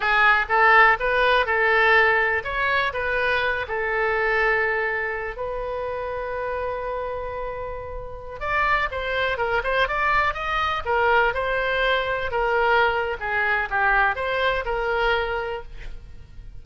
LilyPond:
\new Staff \with { instrumentName = "oboe" } { \time 4/4 \tempo 4 = 123 gis'4 a'4 b'4 a'4~ | a'4 cis''4 b'4. a'8~ | a'2. b'4~ | b'1~ |
b'4~ b'16 d''4 c''4 ais'8 c''16~ | c''16 d''4 dis''4 ais'4 c''8.~ | c''4~ c''16 ais'4.~ ais'16 gis'4 | g'4 c''4 ais'2 | }